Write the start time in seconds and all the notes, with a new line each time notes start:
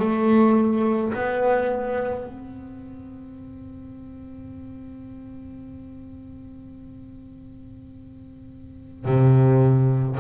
0.00 A3
1.14 B3
2.27 C4
9.05 C3